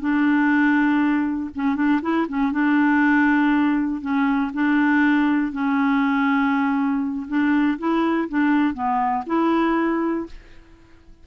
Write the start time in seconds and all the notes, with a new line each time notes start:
0.00 D4
1.55 C#4
1.75 D4
2.02 E4
2.28 C#4
2.52 D4
4.01 C#4
4.54 D4
5.52 C#4
7.28 D4
7.79 E4
8.29 D4
8.74 B3
9.26 E4